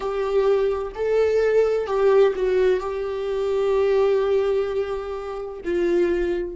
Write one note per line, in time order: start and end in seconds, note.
0.00 0.92 G4
0.94 1.86 A4
1.86 2.33 G4
2.35 2.80 F#4
2.80 5.61 G4
5.64 6.56 F4